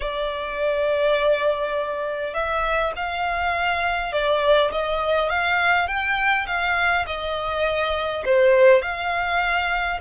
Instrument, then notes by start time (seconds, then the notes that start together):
violin
0.00 D5
2.33 E5
2.96 F5
4.12 D5
4.71 D#5
5.29 F5
5.87 G5
6.46 F5
7.06 D#5
8.25 C5
8.82 F5